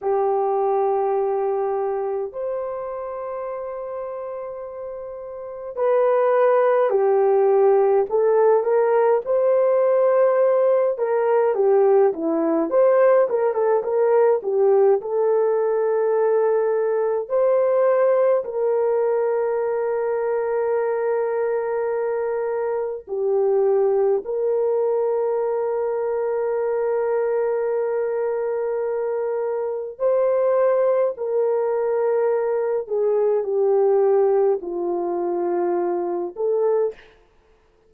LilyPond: \new Staff \with { instrumentName = "horn" } { \time 4/4 \tempo 4 = 52 g'2 c''2~ | c''4 b'4 g'4 a'8 ais'8 | c''4. ais'8 g'8 e'8 c''8 ais'16 a'16 | ais'8 g'8 a'2 c''4 |
ais'1 | g'4 ais'2.~ | ais'2 c''4 ais'4~ | ais'8 gis'8 g'4 f'4. a'8 | }